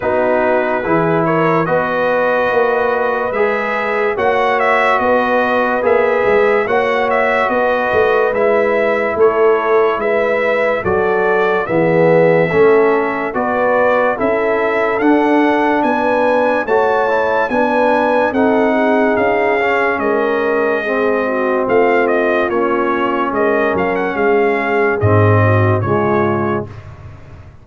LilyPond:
<<
  \new Staff \with { instrumentName = "trumpet" } { \time 4/4 \tempo 4 = 72 b'4. cis''8 dis''2 | e''4 fis''8 e''8 dis''4 e''4 | fis''8 e''8 dis''4 e''4 cis''4 | e''4 d''4 e''2 |
d''4 e''4 fis''4 gis''4 | a''4 gis''4 fis''4 f''4 | dis''2 f''8 dis''8 cis''4 | dis''8 f''16 fis''16 f''4 dis''4 cis''4 | }
  \new Staff \with { instrumentName = "horn" } { \time 4/4 fis'4 gis'8 ais'8 b'2~ | b'4 cis''4 b'2 | cis''4 b'2 a'4 | b'4 a'4 gis'4 a'4 |
b'4 a'2 b'4 | cis''4 b'4 a'8 gis'4. | ais'4 gis'8 fis'8 f'2 | ais'4 gis'4. fis'8 f'4 | }
  \new Staff \with { instrumentName = "trombone" } { \time 4/4 dis'4 e'4 fis'2 | gis'4 fis'2 gis'4 | fis'2 e'2~ | e'4 fis'4 b4 cis'4 |
fis'4 e'4 d'2 | fis'8 e'8 d'4 dis'4. cis'8~ | cis'4 c'2 cis'4~ | cis'2 c'4 gis4 | }
  \new Staff \with { instrumentName = "tuba" } { \time 4/4 b4 e4 b4 ais4 | gis4 ais4 b4 ais8 gis8 | ais4 b8 a8 gis4 a4 | gis4 fis4 e4 a4 |
b4 cis'4 d'4 b4 | a4 b4 c'4 cis'4 | gis2 a4 ais4 | gis8 fis8 gis4 gis,4 cis4 | }
>>